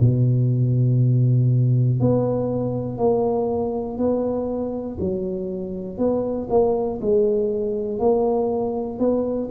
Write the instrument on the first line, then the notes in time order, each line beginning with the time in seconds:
tuba
0.00 B2
2.00 B3
2.98 A#3
3.98 B3
5.00 F#3
5.98 B3
6.50 A#3
7.02 G#3
7.99 A#3
9.00 B3